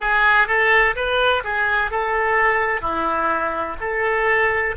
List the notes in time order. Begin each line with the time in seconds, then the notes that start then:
0.00 G#4
0.47 A4
0.95 B4
1.43 G#4
1.90 A4
2.81 E4
3.80 A4